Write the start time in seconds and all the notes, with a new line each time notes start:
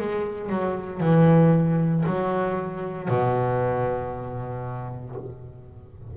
0.00 G#3
0.50 F#3
1.01 E3
2.07 F#3
3.09 B2